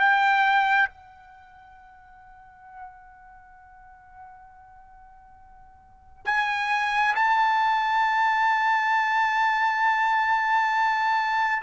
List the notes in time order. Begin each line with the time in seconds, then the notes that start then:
0.00 G5
0.90 F#5
6.25 G#5
7.15 A5